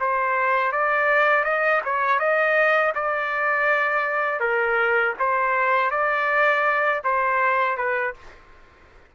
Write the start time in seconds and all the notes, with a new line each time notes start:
0.00 C5
0.72 D5
1.44 D#5
1.85 C#5
2.19 D#5
2.95 D5
4.40 A#4
5.19 C5
5.91 D5
7.04 C5
7.77 B4